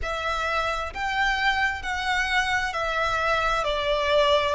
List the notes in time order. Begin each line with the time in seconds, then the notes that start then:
0.02 E5
0.93 G5
1.82 F#5
2.73 E5
3.64 D5